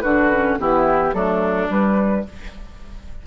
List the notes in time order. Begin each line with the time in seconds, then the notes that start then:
0.00 D3 D4 F#4 B4
0.31 C#4
0.59 E3 B3 E4 G4
1.13 F#3 A3 D4 A4
1.68 G3 B4